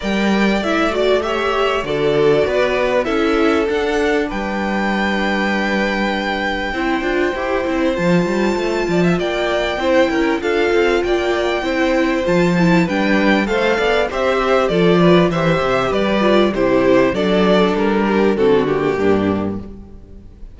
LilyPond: <<
  \new Staff \with { instrumentName = "violin" } { \time 4/4 \tempo 4 = 98 g''4 e''8 d''8 e''4 d''4~ | d''4 e''4 fis''4 g''4~ | g''1~ | g''4 a''2 g''4~ |
g''4 f''4 g''2 | a''4 g''4 f''4 e''4 | d''4 e''4 d''4 c''4 | d''4 ais'4 a'8 g'4. | }
  \new Staff \with { instrumentName = "violin" } { \time 4/4 d''2 cis''4 a'4 | b'4 a'2 b'4~ | b'2. c''4~ | c''2~ c''8 d''16 e''16 d''4 |
c''8 ais'8 a'4 d''4 c''4~ | c''4 b'4 c''8 d''8 c''4 | a'8 b'8 c''4 b'4 g'4 | a'4. g'8 fis'4 d'4 | }
  \new Staff \with { instrumentName = "viola" } { \time 4/4 ais'4 e'8 fis'8 g'4 fis'4~ | fis'4 e'4 d'2~ | d'2. e'8 f'8 | g'8 e'8 f'2. |
e'4 f'2 e'4 | f'8 e'8 d'4 a'4 g'4 | f'4 g'4. f'8 e'4 | d'2 c'8 ais4. | }
  \new Staff \with { instrumentName = "cello" } { \time 4/4 g4 a2 d4 | b4 cis'4 d'4 g4~ | g2. c'8 d'8 | e'8 c'8 f8 g8 a8 f8 ais4 |
c'8 cis'8 d'8 c'8 ais4 c'4 | f4 g4 a8 b8 c'4 | f4 e8 c8 g4 c4 | fis4 g4 d4 g,4 | }
>>